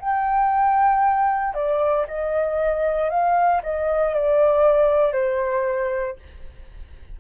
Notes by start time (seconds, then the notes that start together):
0.00 G5
1.55 D5
2.08 D#5
3.10 F5
3.63 D#5
4.15 D5
5.13 C5